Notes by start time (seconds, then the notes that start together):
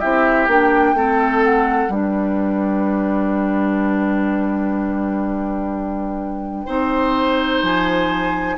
0.00 C4 E4 G4 E5
0.48 A#3 D4 G5
0.94 A3 C4 A4
1.44 F#5
1.89 G3 D4 B4 G5
6.66 C4 D#4 C5
7.63 F3 G#5